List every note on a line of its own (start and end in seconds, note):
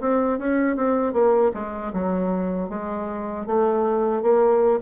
0.00 0.38 C4
0.38 0.76 C#4
0.76 1.13 C4
1.13 1.51 A#3
1.53 1.92 G#3
1.93 2.69 F#3
2.69 3.46 G#3
3.46 4.22 A3
4.22 4.80 A#3